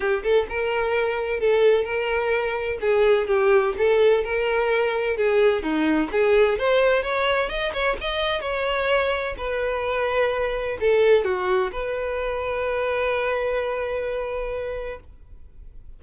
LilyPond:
\new Staff \with { instrumentName = "violin" } { \time 4/4 \tempo 4 = 128 g'8 a'8 ais'2 a'4 | ais'2 gis'4 g'4 | a'4 ais'2 gis'4 | dis'4 gis'4 c''4 cis''4 |
dis''8 cis''8 dis''4 cis''2 | b'2. a'4 | fis'4 b'2.~ | b'1 | }